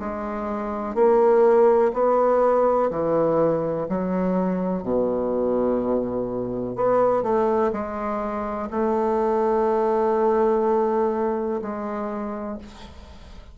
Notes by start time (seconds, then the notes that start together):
0.00 G#3
0.95 A#3
1.94 B3
2.91 E3
3.89 F#3
4.83 B2
6.76 B3
7.23 A3
7.73 G#3
8.71 A3
11.62 G#3